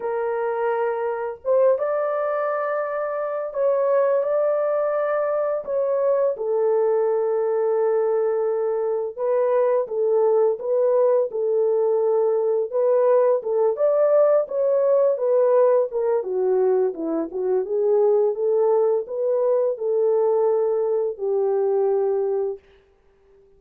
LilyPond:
\new Staff \with { instrumentName = "horn" } { \time 4/4 \tempo 4 = 85 ais'2 c''8 d''4.~ | d''4 cis''4 d''2 | cis''4 a'2.~ | a'4 b'4 a'4 b'4 |
a'2 b'4 a'8 d''8~ | d''8 cis''4 b'4 ais'8 fis'4 | e'8 fis'8 gis'4 a'4 b'4 | a'2 g'2 | }